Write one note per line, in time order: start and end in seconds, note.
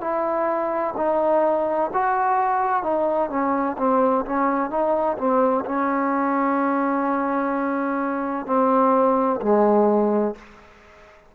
0.00 0.94 E4
0.96 1.90 D#4
1.93 2.83 F#4
2.83 3.29 D#4
3.29 3.76 C#4
3.78 4.24 C4
4.25 4.70 C#4
4.70 5.17 D#4
5.17 5.64 C4
5.65 8.46 C#4
8.46 9.40 C4
9.41 10.35 G#3